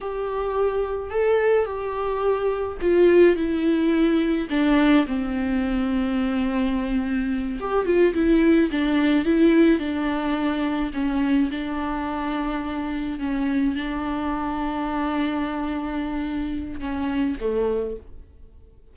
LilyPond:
\new Staff \with { instrumentName = "viola" } { \time 4/4 \tempo 4 = 107 g'2 a'4 g'4~ | g'4 f'4 e'2 | d'4 c'2.~ | c'4. g'8 f'8 e'4 d'8~ |
d'8 e'4 d'2 cis'8~ | cis'8 d'2. cis'8~ | cis'8 d'2.~ d'8~ | d'2 cis'4 a4 | }